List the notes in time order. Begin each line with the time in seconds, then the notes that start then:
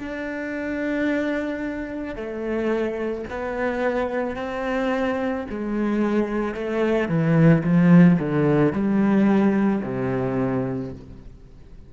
0.00 D4
2.16 A3
3.30 B3
4.36 C4
5.49 G#3
6.55 A3
7.09 E3
7.64 F3
8.19 D3
8.73 G3
9.83 C3